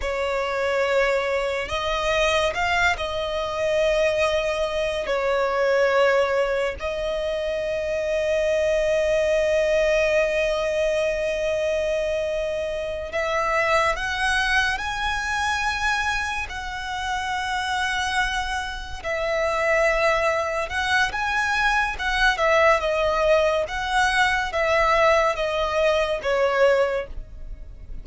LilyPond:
\new Staff \with { instrumentName = "violin" } { \time 4/4 \tempo 4 = 71 cis''2 dis''4 f''8 dis''8~ | dis''2 cis''2 | dis''1~ | dis''2.~ dis''8 e''8~ |
e''8 fis''4 gis''2 fis''8~ | fis''2~ fis''8 e''4.~ | e''8 fis''8 gis''4 fis''8 e''8 dis''4 | fis''4 e''4 dis''4 cis''4 | }